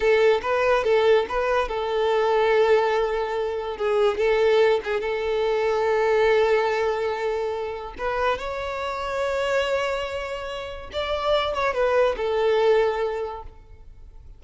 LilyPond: \new Staff \with { instrumentName = "violin" } { \time 4/4 \tempo 4 = 143 a'4 b'4 a'4 b'4 | a'1~ | a'4 gis'4 a'4. gis'8 | a'1~ |
a'2. b'4 | cis''1~ | cis''2 d''4. cis''8 | b'4 a'2. | }